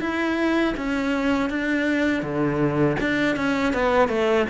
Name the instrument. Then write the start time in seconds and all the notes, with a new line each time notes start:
cello
0.00 E4
0.77 C#4
1.50 D4
2.22 D3
3.00 D4
3.36 C#4
3.73 B3
4.08 A3